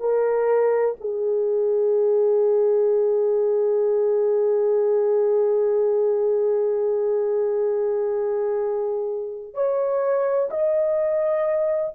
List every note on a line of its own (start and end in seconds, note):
0.00 0.95 A#4
1.00 9.54 G#4
9.54 10.49 C#5
10.50 11.93 D#5